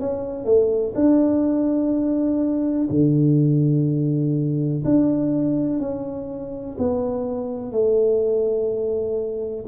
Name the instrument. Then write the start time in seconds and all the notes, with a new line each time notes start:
tuba
0.00 C#4
0.45 A3
0.95 D4
2.90 D3
4.85 D4
5.79 C#4
6.78 B3
7.72 A3